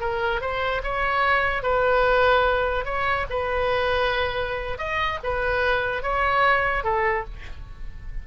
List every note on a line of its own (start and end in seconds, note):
0.00 0.41 A#4
0.41 0.82 C5
0.83 1.63 C#5
1.63 2.85 B4
2.85 3.26 C#5
3.29 4.78 B4
4.78 5.19 D#5
5.23 6.02 B4
6.02 6.84 C#5
6.84 7.24 A4